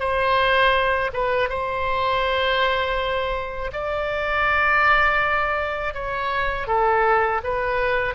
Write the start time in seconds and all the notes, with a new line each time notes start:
0.00 C5
1.13 B4
1.49 C5
3.73 D5
5.94 C#5
6.67 A4
7.44 B4